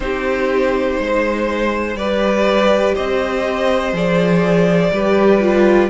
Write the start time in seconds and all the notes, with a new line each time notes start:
0.00 C4 D#4 G4 C5
0.99 G#3 C5
1.95 G3 G4 B4 D5
2.94 C4 C5 D#5
3.92 F3 G#4 D5
4.92 G3 G4 B4
5.40 F4